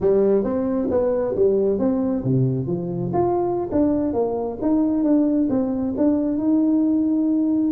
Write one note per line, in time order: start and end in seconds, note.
0.01 0.44 G3
0.44 0.88 C4
0.90 1.35 B3
1.35 1.78 G3
1.78 2.23 C4
2.24 2.66 C3
2.66 3.11 F3
3.13 3.69 F4
3.71 4.13 D4
4.13 4.58 A#3
4.61 5.03 D#4
5.03 5.48 D4
5.49 5.94 C4
5.97 6.37 D4
6.37 7.71 D#4